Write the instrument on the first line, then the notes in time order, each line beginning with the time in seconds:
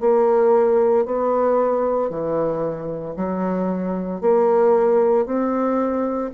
bassoon
0.00 A#3
1.05 B3
2.10 E3
3.16 F#3
4.21 A#3
5.26 C4